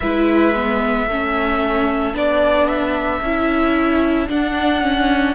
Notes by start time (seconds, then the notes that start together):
0.00 G#3 E4 B4 E5
0.55 B3
1.06 A3 C#4 A4
2.13 B3 D4 D5
2.67 E5
3.21 C#4 E4
4.29 D4 F#5
4.81 C#4